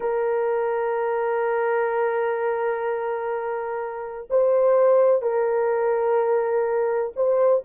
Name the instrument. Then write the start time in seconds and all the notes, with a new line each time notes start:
horn
0.00 A#4
4.30 C5
5.22 A#4
7.16 C5